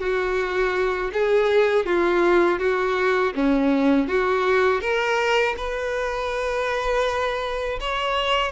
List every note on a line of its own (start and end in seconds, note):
0.00 1.11 F#4
1.13 1.86 G#4
1.86 2.59 F4
2.59 3.33 F#4
3.36 4.08 C#4
4.08 4.81 F#4
4.81 5.55 A#4
5.57 7.79 B4
7.80 8.52 C#5